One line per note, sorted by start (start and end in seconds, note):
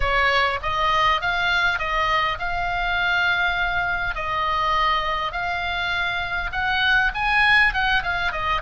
0.00 0.59 C#5
0.62 1.21 D#5
1.21 1.78 F5
1.78 2.38 D#5
2.38 4.15 F5
4.15 5.31 D#5
5.31 6.50 F5
6.52 7.11 F#5
7.14 7.73 G#5
7.73 8.02 F#5
8.02 8.32 F5
8.32 8.61 D#5